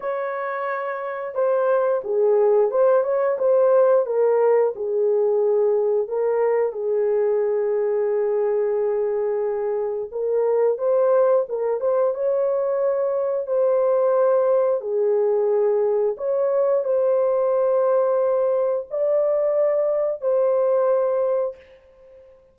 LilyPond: \new Staff \with { instrumentName = "horn" } { \time 4/4 \tempo 4 = 89 cis''2 c''4 gis'4 | c''8 cis''8 c''4 ais'4 gis'4~ | gis'4 ais'4 gis'2~ | gis'2. ais'4 |
c''4 ais'8 c''8 cis''2 | c''2 gis'2 | cis''4 c''2. | d''2 c''2 | }